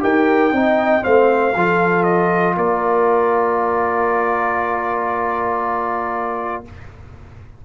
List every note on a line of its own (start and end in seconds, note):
0.00 0.51 D#4
0.00 0.51 G4
0.00 0.54 A#4
0.00 1.04 G5
0.51 1.02 C4
0.51 1.02 D#4
0.51 1.05 D#5
1.02 1.55 A3
1.02 1.53 C4
1.02 1.55 C5
1.02 2.03 F5
1.55 2.57 F3
1.55 6.65 F4
1.55 2.57 A4
2.03 2.54 D#5
2.57 6.64 A#3
2.57 6.64 A#4
2.57 6.64 D5